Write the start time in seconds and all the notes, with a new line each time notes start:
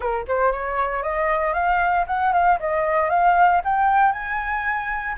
0.00 A#4
0.27 C5
0.52 C#5
1.03 D#5
1.53 F5
2.06 F#5
2.33 F5
2.59 D#5
3.09 F5
3.64 G5
4.12 G#5